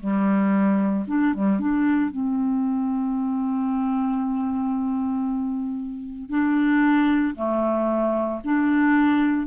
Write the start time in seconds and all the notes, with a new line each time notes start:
0.00 G3
1.08 D4
1.34 G3
1.60 D4
2.11 C4
6.30 D4
7.35 A3
8.44 D4